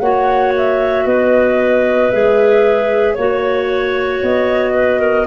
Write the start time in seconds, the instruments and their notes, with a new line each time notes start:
0.00 tuba A#3, clarinet F#4 C#5, flute F#5
0.57 flute E5
1.06 tuba B3, clarinet B4, flute D#5
2.11 tuba G#3, clarinet G#4, flute E5
3.14 tuba A#3, clarinet F#4 C#5, flute C#5
4.23 tuba B3, flute D#5
4.74 clarinet B4
5.00 clarinet A#4